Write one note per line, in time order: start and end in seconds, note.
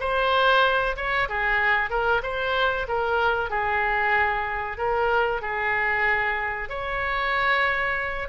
0.00 0.96 C5
0.96 1.28 C#5
1.28 1.89 G#4
1.89 2.21 A#4
2.23 2.86 C5
2.88 3.50 A#4
3.50 4.77 G#4
4.77 5.41 A#4
5.41 6.69 G#4
6.69 8.28 C#5